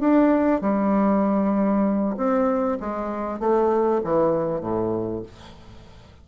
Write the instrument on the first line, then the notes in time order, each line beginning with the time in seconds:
bassoon
0.00 D4
0.61 G3
2.16 C4
2.80 G#3
3.39 A3
4.04 E3
4.61 A2